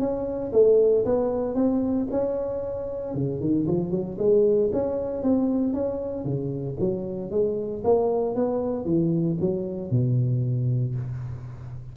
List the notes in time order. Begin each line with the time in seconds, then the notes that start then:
0.00 C#4
0.53 A3
1.06 B3
1.55 C4
2.11 C#4
3.15 C#3
3.41 D#3
3.68 F3
3.91 F#3
4.19 G#3
4.73 C#4
5.23 C4
5.74 C#4
6.25 C#3
6.80 F#3
7.31 G#3
7.84 A#3
8.35 B3
8.86 E3
9.41 F#3
9.91 B2